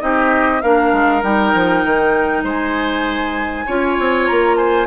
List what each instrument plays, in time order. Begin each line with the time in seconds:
0.00 bassoon C4, clarinet D#4, oboe G4, flute D#5
0.61 bassoon A#3, clarinet D4, oboe A#4, flute F5
0.92 bassoon G#3
1.23 bassoon G3, clarinet D#4, flute G5
1.54 bassoon F3
1.85 bassoon D#3
2.44 bassoon G#3, oboe C5, flute G#5
3.66 bassoon C#4, clarinet F4, oboe C#5
3.99 bassoon C4
4.27 bassoon A#3, flute A#5
4.57 oboe C5, flute G#5